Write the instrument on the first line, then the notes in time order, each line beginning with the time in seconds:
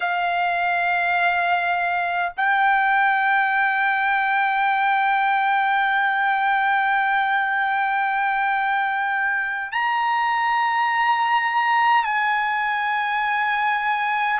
trumpet
0.00 F5
2.36 G5
9.72 A#5
12.04 G#5